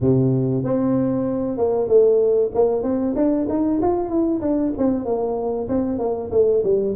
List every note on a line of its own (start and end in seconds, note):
0.00 0.63 C3
0.64 1.57 C4
1.57 1.88 A#3
1.88 2.51 A3
2.54 2.82 A#3
2.82 3.14 C4
3.16 3.47 D4
3.49 3.81 D#4
3.81 4.09 F4
4.09 4.40 E4
4.41 4.72 D4
4.77 5.05 C4
5.05 5.68 A#3
5.68 5.99 C4
5.99 6.30 A#3
6.31 6.62 A3
6.63 6.95 G3